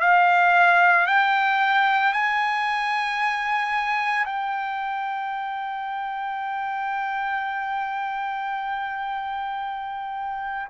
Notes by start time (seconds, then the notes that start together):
0.00 F5
1.06 G5
2.12 G#5
4.25 G5